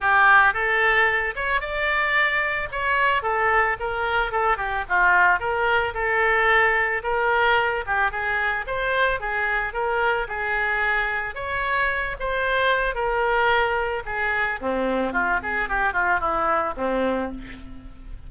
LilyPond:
\new Staff \with { instrumentName = "oboe" } { \time 4/4 \tempo 4 = 111 g'4 a'4. cis''8 d''4~ | d''4 cis''4 a'4 ais'4 | a'8 g'8 f'4 ais'4 a'4~ | a'4 ais'4. g'8 gis'4 |
c''4 gis'4 ais'4 gis'4~ | gis'4 cis''4. c''4. | ais'2 gis'4 c'4 | f'8 gis'8 g'8 f'8 e'4 c'4 | }